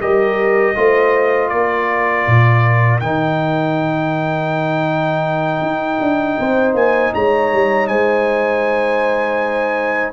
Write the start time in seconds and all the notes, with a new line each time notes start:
0.00 G3 G4 A#4 D#5
0.75 A3 F4 C5
1.48 A#3 A#4 D5
2.27 A#2
3.00 D#3 D#4 G5
5.61 D#4
6.00 D4
6.39 C4 C5
6.74 A#3 G#5
7.14 G#3 C#5 A#5
7.53 G3
7.88 G#3 C5 G#5